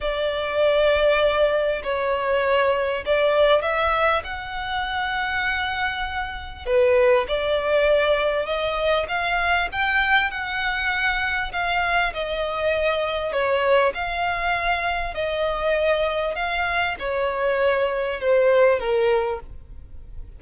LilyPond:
\new Staff \with { instrumentName = "violin" } { \time 4/4 \tempo 4 = 99 d''2. cis''4~ | cis''4 d''4 e''4 fis''4~ | fis''2. b'4 | d''2 dis''4 f''4 |
g''4 fis''2 f''4 | dis''2 cis''4 f''4~ | f''4 dis''2 f''4 | cis''2 c''4 ais'4 | }